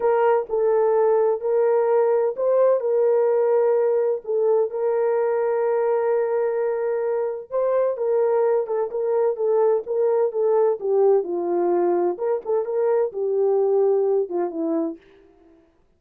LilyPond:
\new Staff \with { instrumentName = "horn" } { \time 4/4 \tempo 4 = 128 ais'4 a'2 ais'4~ | ais'4 c''4 ais'2~ | ais'4 a'4 ais'2~ | ais'1 |
c''4 ais'4. a'8 ais'4 | a'4 ais'4 a'4 g'4 | f'2 ais'8 a'8 ais'4 | g'2~ g'8 f'8 e'4 | }